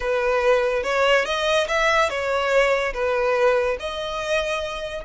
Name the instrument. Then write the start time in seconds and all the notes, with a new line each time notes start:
violin
0.00 B4
0.83 C#5
1.25 D#5
1.67 E5
2.09 C#5
2.93 B4
3.79 D#5